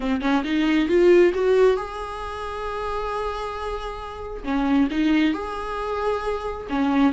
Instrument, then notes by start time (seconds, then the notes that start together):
viola
0.00 C4
0.21 C#4
0.43 D#4
0.88 F4
1.34 F#4
1.76 G#4
4.43 C#4
4.91 D#4
5.33 G#4
6.69 C#4